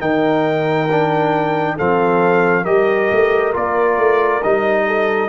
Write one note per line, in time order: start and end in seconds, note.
0.00 1.77 D#3
0.00 0.88 D#4
0.00 1.76 A#4
0.00 1.77 G5
0.91 1.78 D4
1.76 2.65 F3
1.76 2.65 C4
1.76 2.63 A4
1.76 2.65 F5
2.63 3.10 G3
2.63 3.53 G4
2.63 4.84 A#4
2.63 3.53 D#5
3.11 3.55 A3
3.53 3.97 A#3
3.53 4.41 F4
3.53 4.43 D5
3.97 4.42 A3
4.43 5.29 G3
4.43 5.29 D#4
4.43 5.29 D#5
4.87 5.29 A4